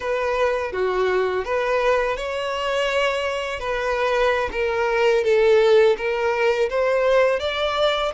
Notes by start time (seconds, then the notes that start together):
0.00 B4
0.72 F#4
1.45 B4
2.17 C#5
3.59 B4
4.51 A#4
5.24 A4
5.97 A#4
6.69 C5
7.39 D5